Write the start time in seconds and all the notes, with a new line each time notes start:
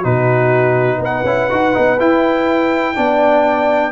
0.00 B2 D#4 F#4 B4
0.98 B3 B4
1.04 F#5
1.24 C#4 E4
1.50 D#4 F#4
1.73 B3 D#4
1.99 E4 G5
2.95 B3 D4 D5